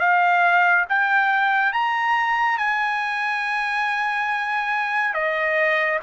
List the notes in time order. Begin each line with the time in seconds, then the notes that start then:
0.00 F5
0.90 G5
1.73 A#5
2.58 G#5
5.14 D#5